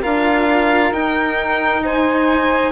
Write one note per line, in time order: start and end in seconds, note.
0.00 0.91 D4
0.00 0.93 F4
0.00 1.82 A#4
0.00 0.93 F5
0.91 2.72 D#4
0.91 1.84 G5
1.84 2.72 C5
1.84 2.72 G#5